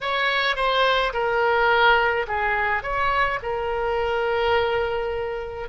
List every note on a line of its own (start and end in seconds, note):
0.01 0.56 C#5
0.56 1.12 C5
1.13 2.26 A#4
2.27 2.83 G#4
2.83 3.39 C#5
3.42 5.69 A#4